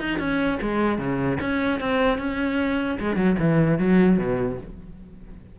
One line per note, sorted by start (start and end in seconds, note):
0.00 0.19 D#4
0.19 0.59 C#4
0.62 0.98 G#3
0.98 1.38 C#3
1.40 1.80 C#4
1.80 2.18 C4
2.18 2.98 C#4
3.00 3.16 G#3
3.16 3.36 F#3
3.39 3.78 E3
3.78 4.18 F#3
4.18 4.58 B2